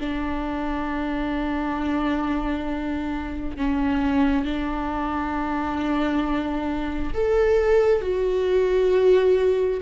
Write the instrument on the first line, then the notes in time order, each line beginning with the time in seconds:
viola
0.00 D4
3.57 C#4
4.45 D4
7.14 A4
8.01 F#4